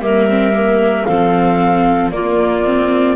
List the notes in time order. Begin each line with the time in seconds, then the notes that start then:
0.00 G3 A#3 A#4 E5
0.30 C4
0.53 A#3
1.05 F3 C4 A4 F5
2.11 A#3 F4 D5
2.65 C4